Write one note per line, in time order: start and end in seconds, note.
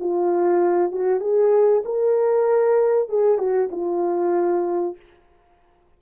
0.00 0.92 F4
0.92 1.21 F#4
1.21 1.83 G#4
1.85 3.09 A#4
3.09 3.38 G#4
3.38 3.70 F#4
3.72 4.97 F4